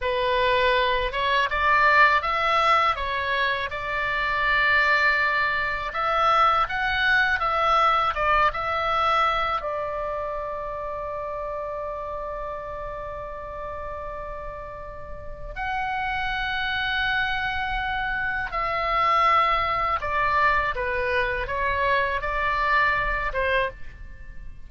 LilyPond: \new Staff \with { instrumentName = "oboe" } { \time 4/4 \tempo 4 = 81 b'4. cis''8 d''4 e''4 | cis''4 d''2. | e''4 fis''4 e''4 d''8 e''8~ | e''4 d''2.~ |
d''1~ | d''4 fis''2.~ | fis''4 e''2 d''4 | b'4 cis''4 d''4. c''8 | }